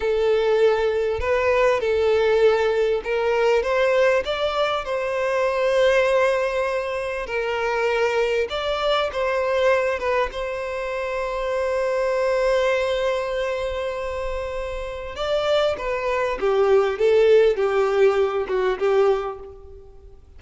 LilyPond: \new Staff \with { instrumentName = "violin" } { \time 4/4 \tempo 4 = 99 a'2 b'4 a'4~ | a'4 ais'4 c''4 d''4 | c''1 | ais'2 d''4 c''4~ |
c''8 b'8 c''2.~ | c''1~ | c''4 d''4 b'4 g'4 | a'4 g'4. fis'8 g'4 | }